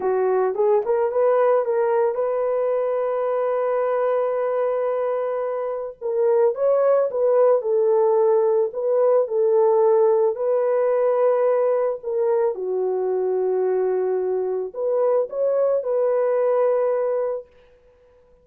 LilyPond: \new Staff \with { instrumentName = "horn" } { \time 4/4 \tempo 4 = 110 fis'4 gis'8 ais'8 b'4 ais'4 | b'1~ | b'2. ais'4 | cis''4 b'4 a'2 |
b'4 a'2 b'4~ | b'2 ais'4 fis'4~ | fis'2. b'4 | cis''4 b'2. | }